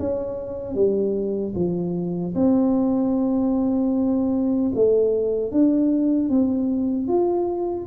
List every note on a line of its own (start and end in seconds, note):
0.00 0.75 C#4
0.75 1.54 G3
1.55 2.34 F3
2.35 4.72 C4
4.75 5.52 A3
5.52 6.30 D4
6.30 7.08 C4
7.08 7.87 F4